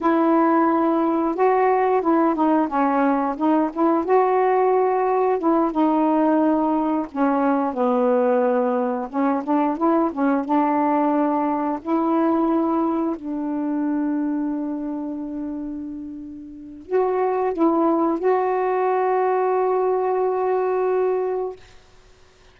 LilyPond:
\new Staff \with { instrumentName = "saxophone" } { \time 4/4 \tempo 4 = 89 e'2 fis'4 e'8 dis'8 | cis'4 dis'8 e'8 fis'2 | e'8 dis'2 cis'4 b8~ | b4. cis'8 d'8 e'8 cis'8 d'8~ |
d'4. e'2 d'8~ | d'1~ | d'4 fis'4 e'4 fis'4~ | fis'1 | }